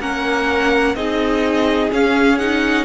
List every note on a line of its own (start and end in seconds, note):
0.00 0.95 A#3
0.00 0.96 C#4
0.00 0.96 A#4
0.00 0.95 F#5
0.95 1.90 C4
0.95 1.91 D#4
0.95 2.86 G#4
0.95 1.91 D#5
1.91 2.38 C#4
1.91 2.86 C#4
1.91 2.38 F5
2.38 2.86 D#4
2.38 2.86 F#5